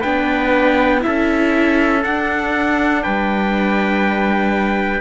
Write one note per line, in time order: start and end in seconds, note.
0.00 1.04 B3
0.00 1.00 D4
0.00 1.00 B4
0.00 1.01 G5
1.00 2.05 C#4
1.00 2.00 E4
1.00 2.03 E5
1.07 3.03 A4
2.03 5.00 D4
2.03 3.05 D4
2.03 3.03 F#5
3.03 5.00 G3
3.03 5.00 B4
3.03 5.00 G5